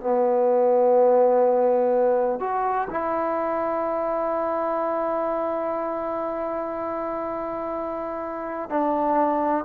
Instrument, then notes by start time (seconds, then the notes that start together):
trombone
0.00 B3
2.40 F#4
2.90 E4
8.70 D4